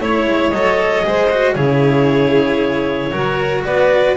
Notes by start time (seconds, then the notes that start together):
0.00 A3 E4 C#5
0.26 G#3
0.50 F#3 A4 D#5
1.02 G#3 G#4 C5
1.30 F#4
1.54 C#3 E4 G#4 C#5
3.11 F#3 F#4 A#4
3.64 B3 B4 D5